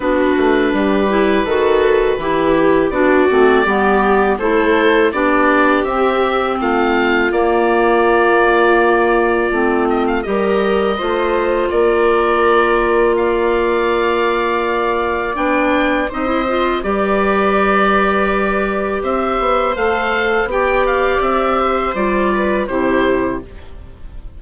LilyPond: <<
  \new Staff \with { instrumentName = "oboe" } { \time 4/4 \tempo 4 = 82 b'1 | d''2 c''4 d''4 | e''4 f''4 d''2~ | d''4. dis''16 f''16 dis''2 |
d''2 f''2~ | f''4 g''4 dis''4 d''4~ | d''2 e''4 f''4 | g''8 f''8 e''4 d''4 c''4 | }
  \new Staff \with { instrumentName = "viola" } { \time 4/4 fis'4 g'4 a'4 g'4 | fis'4 g'4 a'4 g'4~ | g'4 f'2.~ | f'2 ais'4 c''4 |
ais'2 d''2~ | d''2 c''4 b'4~ | b'2 c''2 | d''4. c''4 b'8 g'4 | }
  \new Staff \with { instrumentName = "clarinet" } { \time 4/4 d'4. e'8 fis'4 e'4 | d'8 c'8 b4 e'4 d'4 | c'2 ais2~ | ais4 c'4 g'4 f'4~ |
f'1~ | f'4 d'4 dis'16 e'16 f'8 g'4~ | g'2. a'4 | g'2 f'4 e'4 | }
  \new Staff \with { instrumentName = "bassoon" } { \time 4/4 b8 a8 g4 dis4 e4 | b8 a8 g4 a4 b4 | c'4 a4 ais2~ | ais4 a4 g4 a4 |
ais1~ | ais4 b4 c'4 g4~ | g2 c'8 b8 a4 | b4 c'4 g4 c4 | }
>>